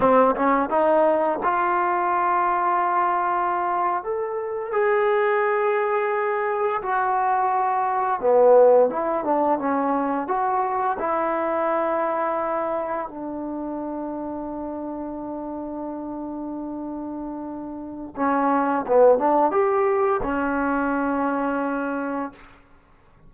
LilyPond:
\new Staff \with { instrumentName = "trombone" } { \time 4/4 \tempo 4 = 86 c'8 cis'8 dis'4 f'2~ | f'4.~ f'16 a'4 gis'4~ gis'16~ | gis'4.~ gis'16 fis'2 b16~ | b8. e'8 d'8 cis'4 fis'4 e'16~ |
e'2~ e'8. d'4~ d'16~ | d'1~ | d'2 cis'4 b8 d'8 | g'4 cis'2. | }